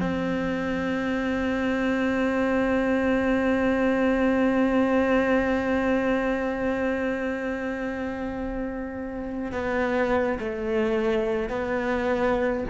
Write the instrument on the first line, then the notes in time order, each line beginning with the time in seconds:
cello
0.00 C4
9.51 B3
10.39 A3
11.49 B3